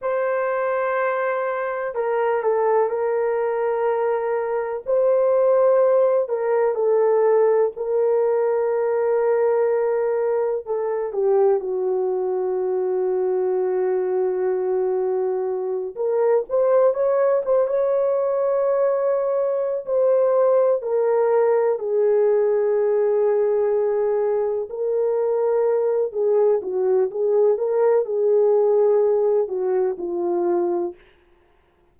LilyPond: \new Staff \with { instrumentName = "horn" } { \time 4/4 \tempo 4 = 62 c''2 ais'8 a'8 ais'4~ | ais'4 c''4. ais'8 a'4 | ais'2. a'8 g'8 | fis'1~ |
fis'8 ais'8 c''8 cis''8 c''16 cis''4.~ cis''16~ | cis''8 c''4 ais'4 gis'4.~ | gis'4. ais'4. gis'8 fis'8 | gis'8 ais'8 gis'4. fis'8 f'4 | }